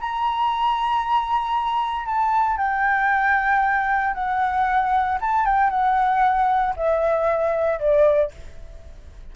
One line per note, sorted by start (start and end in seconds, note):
0.00 2.06 A#5
2.06 2.57 A5
2.57 4.14 G5
4.14 5.18 F#5
5.21 5.45 A5
5.45 5.70 G5
5.70 6.74 F#5
6.76 7.79 E5
7.79 8.31 D5